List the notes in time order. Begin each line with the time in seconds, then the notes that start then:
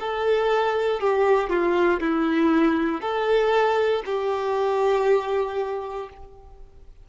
0.00 A4
1.01 G4
1.50 F4
2.01 E4
3.01 A4
4.06 G4